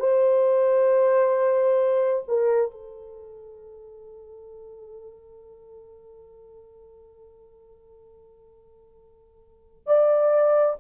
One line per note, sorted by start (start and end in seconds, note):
0.00 2.24 C5
2.28 2.71 A#4
2.71 9.87 A4
9.87 10.76 D5